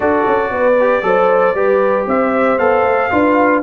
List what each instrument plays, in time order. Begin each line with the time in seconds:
0.00 tuba D4, trombone F#4, horn A4, trumpet D5
0.26 tuba C#4
0.50 tuba B3, horn B4
0.80 trombone G4
1.02 tuba F#3, trombone A4, horn C5
1.54 tuba G3, trombone G4, horn B4
2.06 tuba C4, horn C5, trumpet E5
2.58 tuba B3, trombone A4, trumpet F5
2.83 tuba A3
3.11 tuba D4, trombone F4, horn B4